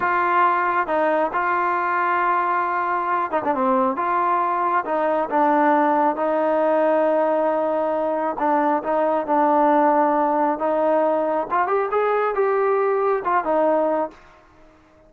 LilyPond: \new Staff \with { instrumentName = "trombone" } { \time 4/4 \tempo 4 = 136 f'2 dis'4 f'4~ | f'2.~ f'8 dis'16 d'16 | c'4 f'2 dis'4 | d'2 dis'2~ |
dis'2. d'4 | dis'4 d'2. | dis'2 f'8 g'8 gis'4 | g'2 f'8 dis'4. | }